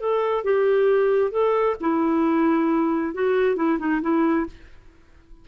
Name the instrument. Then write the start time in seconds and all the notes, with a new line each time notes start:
clarinet
0.00 A4
0.44 G4
1.31 A4
1.81 E4
3.14 F#4
3.56 E4
3.79 D#4
4.02 E4